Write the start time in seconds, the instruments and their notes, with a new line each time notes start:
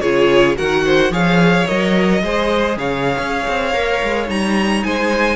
0.00 cello C#3, viola F4, violin G#4 C#5
0.56 cello D#3, viola F#4, violin A#4 F#5
0.85 violin C5
1.10 cello F3, viola G#4, violin C#5 F5
1.67 cello F#3, viola A#4, violin D#5
2.22 cello G#3, viola G#4, violin C5
2.76 cello C#3, violin C#5 F5
3.18 cello C#4
3.47 cello C4
3.73 cello A#3, viola A#4
4.03 cello G#3
4.27 cello G3, viola D#4, violin A#5
4.83 cello G#3, violin C5 G#5